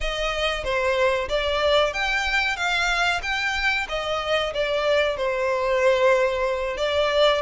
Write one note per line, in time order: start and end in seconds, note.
0.01 0.64 D#5
0.64 1.28 C5
1.28 1.93 D5
1.93 2.56 G5
2.56 3.21 F5
3.22 3.87 G5
3.89 4.53 D#5
4.53 5.16 D5
5.16 6.77 C5
6.77 7.41 D5